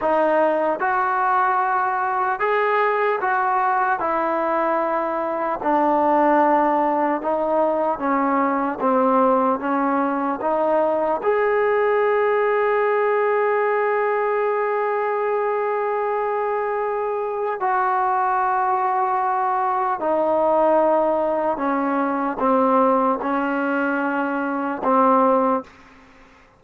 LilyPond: \new Staff \with { instrumentName = "trombone" } { \time 4/4 \tempo 4 = 75 dis'4 fis'2 gis'4 | fis'4 e'2 d'4~ | d'4 dis'4 cis'4 c'4 | cis'4 dis'4 gis'2~ |
gis'1~ | gis'2 fis'2~ | fis'4 dis'2 cis'4 | c'4 cis'2 c'4 | }